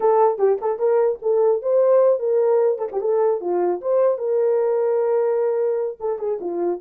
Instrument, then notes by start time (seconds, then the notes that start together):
horn
0.00 A4
0.38 G4
0.61 A4
0.79 A#4
1.22 A4
1.62 C5
2.19 A#4
2.78 A4
2.92 G4
3.01 A4
3.40 F4
3.81 C5
4.18 A#4
6.00 A4
6.18 G#4
6.40 F4